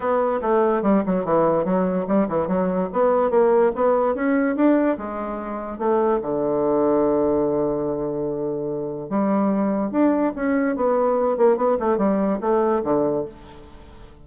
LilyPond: \new Staff \with { instrumentName = "bassoon" } { \time 4/4 \tempo 4 = 145 b4 a4 g8 fis8 e4 | fis4 g8 e8 fis4 b4 | ais4 b4 cis'4 d'4 | gis2 a4 d4~ |
d1~ | d2 g2 | d'4 cis'4 b4. ais8 | b8 a8 g4 a4 d4 | }